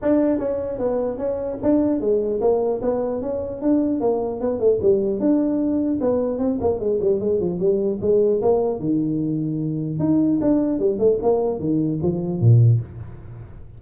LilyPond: \new Staff \with { instrumentName = "tuba" } { \time 4/4 \tempo 4 = 150 d'4 cis'4 b4 cis'4 | d'4 gis4 ais4 b4 | cis'4 d'4 ais4 b8 a8 | g4 d'2 b4 |
c'8 ais8 gis8 g8 gis8 f8 g4 | gis4 ais4 dis2~ | dis4 dis'4 d'4 g8 a8 | ais4 dis4 f4 ais,4 | }